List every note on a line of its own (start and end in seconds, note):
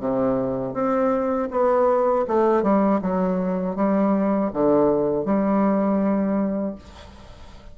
0.00 0.74 C3
0.74 1.49 C4
1.51 2.26 B3
2.28 2.63 A3
2.63 3.00 G3
3.01 3.76 F#3
3.76 4.51 G3
4.53 5.25 D3
5.25 6.75 G3